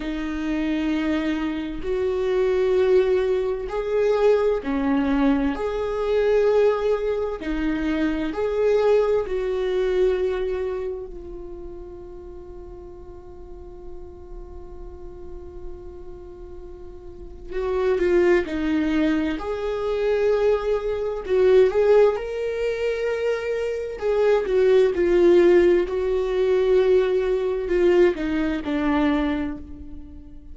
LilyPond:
\new Staff \with { instrumentName = "viola" } { \time 4/4 \tempo 4 = 65 dis'2 fis'2 | gis'4 cis'4 gis'2 | dis'4 gis'4 fis'2 | f'1~ |
f'2. fis'8 f'8 | dis'4 gis'2 fis'8 gis'8 | ais'2 gis'8 fis'8 f'4 | fis'2 f'8 dis'8 d'4 | }